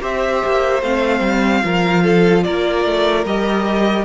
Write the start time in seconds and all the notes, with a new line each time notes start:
0.00 C4 G4 C5 E5
0.45 A#3
0.82 A3 C4 F5
1.20 G3
1.64 F3 F4 A#4
2.04 A4
2.43 A#3 A#4 D5
2.85 A3
3.25 G3 G4 D#5